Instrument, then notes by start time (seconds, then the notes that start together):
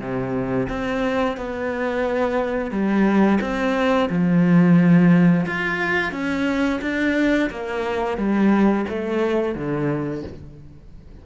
cello
0.00 C3
0.69 C4
1.38 B3
2.71 G3
3.41 C4
4.10 F3
5.46 F4
6.12 C#4
6.82 D4
7.51 A#3
8.18 G3
8.89 A3
9.55 D3